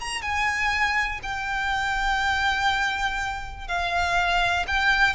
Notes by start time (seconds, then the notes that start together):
0.00 A#5
0.22 G#5
1.23 G5
3.68 F5
4.67 G5